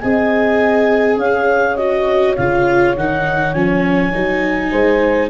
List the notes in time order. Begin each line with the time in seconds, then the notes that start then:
0.00 C4 G#4 D#5 G#5
1.16 C#4 C#5 F5
1.76 F#4 D#5
2.36 C#3 F4 F5
2.96 D#3 D#4 F#5
3.53 F3 C#4 G#5
4.12 F#3 D#4
4.71 G#3 C5